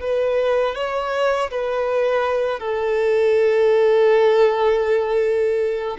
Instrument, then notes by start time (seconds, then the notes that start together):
violin
0.00 B4
0.75 C#5
1.51 B4
2.59 A4